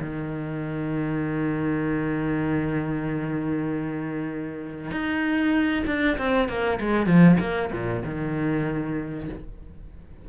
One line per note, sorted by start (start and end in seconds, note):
0.00 4.91 D#3
4.91 5.83 D#4
5.86 6.17 D4
6.17 6.48 C4
6.48 6.79 A#3
6.80 7.06 G#3
7.06 7.37 F3
7.39 7.70 A#3
7.72 8.03 A#2
8.05 9.28 D#3